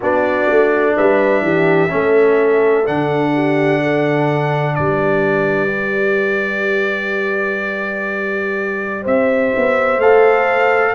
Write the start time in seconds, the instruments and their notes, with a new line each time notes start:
0.00 tuba B3, trombone D4, horn F#4, trumpet D5
0.49 tuba A3
0.95 tuba G3, horn B4, trumpet E5
1.41 tuba E3, horn G4
1.88 tuba A3, trombone C#4, horn A4
2.84 tuba D3, trombone D4, trumpet F#5
3.34 horn G4
3.82 horn A4
4.75 tuba G3, horn B4, trumpet D5
5.67 trombone G4
9.01 tuba C4, horn C5, trumpet E5
9.56 tuba B3
9.97 tuba A3, trombone A4, trumpet F5